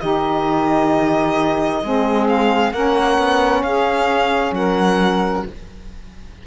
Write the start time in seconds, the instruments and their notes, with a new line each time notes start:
0.00 cello D#3, saxophone D#4 G4, violin D#5
1.83 cello G#3, saxophone C4 G#4
2.28 violin F5
2.72 cello A#3, saxophone C#4 A#4, violin F#5
3.18 cello B3
3.63 cello C#4, saxophone G#4, violin F5
4.52 cello F#3, saxophone A#4, violin F#5